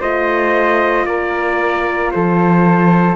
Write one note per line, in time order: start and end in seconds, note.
0.00 1.06 A3
0.00 3.16 F4
0.00 1.05 C5
0.00 1.06 D#5
1.06 2.11 A#3
1.06 2.13 A#4
1.06 2.11 D5
2.12 3.16 F3
2.12 3.16 A4
2.12 3.16 C5